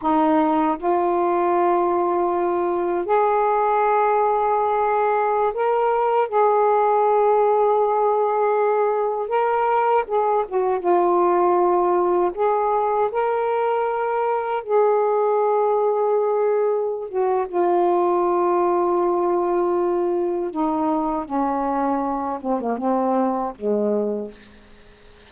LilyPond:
\new Staff \with { instrumentName = "saxophone" } { \time 4/4 \tempo 4 = 79 dis'4 f'2. | gis'2.~ gis'16 ais'8.~ | ais'16 gis'2.~ gis'8.~ | gis'16 ais'4 gis'8 fis'8 f'4.~ f'16~ |
f'16 gis'4 ais'2 gis'8.~ | gis'2~ gis'8 fis'8 f'4~ | f'2. dis'4 | cis'4. c'16 ais16 c'4 gis4 | }